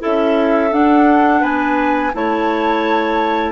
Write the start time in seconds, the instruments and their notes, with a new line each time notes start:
0.00 bassoon C#4, clarinet E4 A4, flute E5
0.72 clarinet D4, bassoon D4, flute F#5
1.41 bassoon B3, clarinet B4, flute G#5
2.14 bassoon A3, clarinet E4 C#5, flute A5